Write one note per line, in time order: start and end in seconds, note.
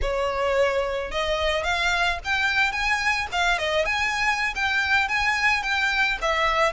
0.02 1.11 C#5
1.11 1.63 D#5
1.63 2.18 F5
2.24 2.71 G5
2.71 3.27 G#5
3.32 3.58 F5
3.58 3.85 D#5
3.85 4.54 G#5
4.55 5.08 G5
5.08 5.62 G#5
5.62 6.18 G5
6.21 6.72 E5